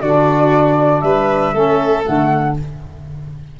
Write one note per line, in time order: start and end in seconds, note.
0.00 1.03 D3
0.00 1.54 D4
0.00 1.04 F#4
0.00 1.01 D5
1.01 1.53 G3
1.01 1.54 B4
1.01 2.03 E5
1.53 2.04 A3
1.53 2.02 C#4
1.53 2.55 A4
2.02 2.53 A3
2.02 2.56 F#5
2.08 2.59 D3